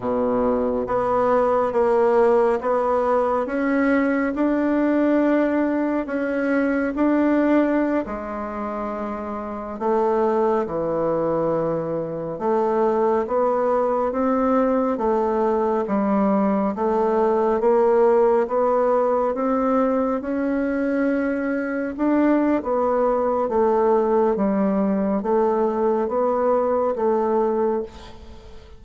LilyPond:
\new Staff \with { instrumentName = "bassoon" } { \time 4/4 \tempo 4 = 69 b,4 b4 ais4 b4 | cis'4 d'2 cis'4 | d'4~ d'16 gis2 a8.~ | a16 e2 a4 b8.~ |
b16 c'4 a4 g4 a8.~ | a16 ais4 b4 c'4 cis'8.~ | cis'4~ cis'16 d'8. b4 a4 | g4 a4 b4 a4 | }